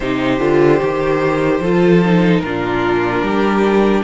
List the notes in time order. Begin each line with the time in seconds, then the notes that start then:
0.00 C3 D#4 G4 C5
0.39 D3 F4
0.81 D#3 G4
1.60 F3 F4 A4
2.05 D#4
2.39 A#2 F4 A#4
2.45 D4
3.21 G3 G4